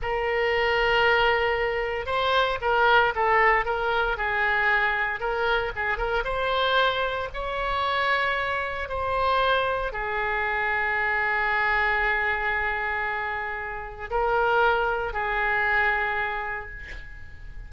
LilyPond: \new Staff \with { instrumentName = "oboe" } { \time 4/4 \tempo 4 = 115 ais'1 | c''4 ais'4 a'4 ais'4 | gis'2 ais'4 gis'8 ais'8 | c''2 cis''2~ |
cis''4 c''2 gis'4~ | gis'1~ | gis'2. ais'4~ | ais'4 gis'2. | }